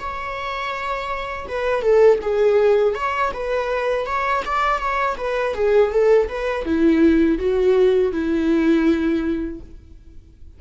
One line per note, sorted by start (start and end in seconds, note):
0.00 1.48 C#5
1.48 1.82 B4
1.82 2.20 A4
2.23 2.95 G#4
2.95 3.32 C#5
3.34 4.07 B4
4.07 4.44 C#5
4.46 4.79 D5
4.79 5.16 C#5
5.18 5.55 B4
5.55 5.92 G#4
5.92 6.29 A4
6.29 6.66 B4
6.66 7.39 E4
7.39 8.12 F#4
8.12 9.61 E4